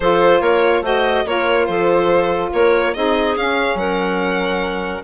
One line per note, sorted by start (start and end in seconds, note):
0.00 0.40 F3
0.00 0.83 F4
0.00 0.40 A4
0.00 0.41 C5
0.40 0.81 A#3
0.40 0.82 A#4
0.40 0.83 C#5
0.81 1.23 A3
0.81 1.25 F#4
0.81 1.25 C5
0.81 1.26 D#5
1.25 1.68 A#3
1.25 2.93 F4
1.25 1.68 A#4
1.25 1.65 C#5
1.65 2.51 F3
1.65 2.52 A4
1.65 2.49 C5
2.52 2.95 A#3
2.52 2.94 A#4
2.52 2.94 C#5
2.94 3.36 C4
2.94 3.36 D#4
2.94 3.78 G#4
2.94 3.36 D#5
3.36 3.74 C#4
3.36 5.03 C#4
3.36 3.77 F5
3.74 5.00 F#3
3.74 5.03 A#4
3.74 5.03 F#5